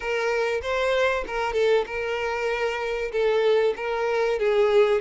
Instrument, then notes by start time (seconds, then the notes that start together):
violin
0.00 A#4
0.61 C5
1.27 A#4
1.53 A4
1.86 A#4
3.11 A4
3.76 A#4
4.39 G#4